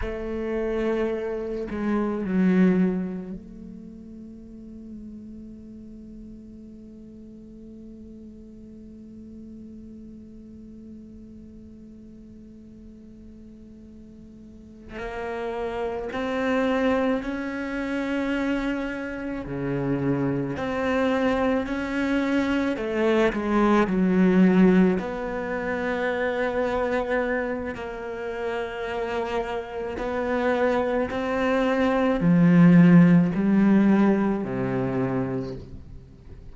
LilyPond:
\new Staff \with { instrumentName = "cello" } { \time 4/4 \tempo 4 = 54 a4. gis8 fis4 a4~ | a1~ | a1~ | a4. ais4 c'4 cis'8~ |
cis'4. cis4 c'4 cis'8~ | cis'8 a8 gis8 fis4 b4.~ | b4 ais2 b4 | c'4 f4 g4 c4 | }